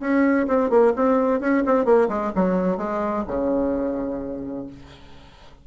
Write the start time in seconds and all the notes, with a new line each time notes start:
0.00 C#4
0.47 C4
0.70 A#3
0.96 C4
1.40 C#4
1.66 C4
1.85 A#3
2.08 G#3
2.35 F#3
2.77 G#3
3.27 C#3